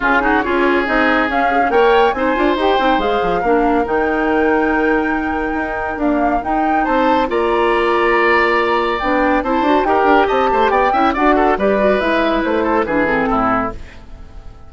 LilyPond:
<<
  \new Staff \with { instrumentName = "flute" } { \time 4/4 \tempo 4 = 140 gis'4 cis''4 dis''4 f''4 | g''4 gis''4 g''4 f''4~ | f''4 g''2.~ | g''2 f''4 g''4 |
a''4 ais''2.~ | ais''4 g''4 a''4 g''4 | a''4 g''4 fis''4 d''4 | e''4 c''4 b'8 a'4. | }
  \new Staff \with { instrumentName = "oboe" } { \time 4/4 f'8 fis'8 gis'2. | cis''4 c''2. | ais'1~ | ais'1 |
c''4 d''2.~ | d''2 c''4 ais'4 | dis''8 c''8 d''8 e''8 d''8 a'8 b'4~ | b'4. a'8 gis'4 e'4 | }
  \new Staff \with { instrumentName = "clarinet" } { \time 4/4 cis'8 dis'8 f'4 dis'4 cis'8 gis'16 cis'16 | ais'4 dis'8 f'8 g'8 dis'8 gis'4 | d'4 dis'2.~ | dis'2 ais4 dis'4~ |
dis'4 f'2.~ | f'4 d'4 e'8 fis'8 g'4~ | g'4. e'8 fis'4 g'8 fis'8 | e'2 d'8 c'4. | }
  \new Staff \with { instrumentName = "bassoon" } { \time 4/4 cis4 cis'4 c'4 cis'4 | ais4 c'8 d'8 dis'8 c'8 gis8 f8 | ais4 dis2.~ | dis4 dis'4 d'4 dis'4 |
c'4 ais2.~ | ais4 b4 c'8 d'8 dis'8 d'8 | c'8 a8 b8 cis'8 d'4 g4 | gis4 a4 e4 a,4 | }
>>